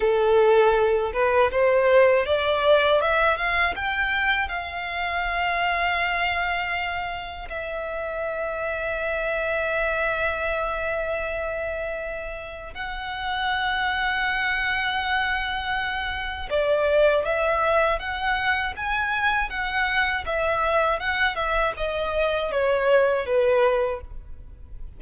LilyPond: \new Staff \with { instrumentName = "violin" } { \time 4/4 \tempo 4 = 80 a'4. b'8 c''4 d''4 | e''8 f''8 g''4 f''2~ | f''2 e''2~ | e''1~ |
e''4 fis''2.~ | fis''2 d''4 e''4 | fis''4 gis''4 fis''4 e''4 | fis''8 e''8 dis''4 cis''4 b'4 | }